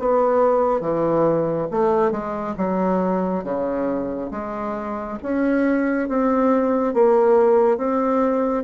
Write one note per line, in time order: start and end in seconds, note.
0.00 0.81 B3
0.81 1.68 E3
1.72 2.12 A3
2.12 2.55 G#3
2.58 3.44 F#3
3.44 4.31 C#3
4.32 5.19 G#3
5.23 6.09 C#4
6.09 6.94 C4
6.94 7.78 A#3
7.78 8.64 C4